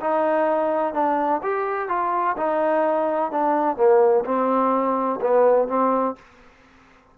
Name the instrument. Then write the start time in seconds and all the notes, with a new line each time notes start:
trombone
0.00 D#4
0.94 D4
1.43 G4
1.89 F4
2.37 D#4
3.31 D4
3.77 A#3
4.25 C4
5.21 B3
5.68 C4